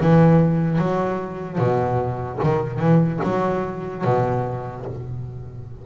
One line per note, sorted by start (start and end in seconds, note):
0.00 0.78 E3
0.78 1.58 F#3
1.58 2.39 B2
2.43 2.79 D#3
2.79 3.19 E3
3.23 4.04 F#3
4.04 4.85 B2